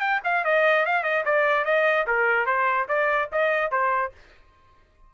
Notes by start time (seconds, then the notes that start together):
0.00 G5
0.24 F5
0.44 D#5
0.86 F5
1.03 D#5
1.25 D5
1.65 D#5
2.07 A#4
2.46 C5
2.88 D5
3.32 D#5
3.71 C5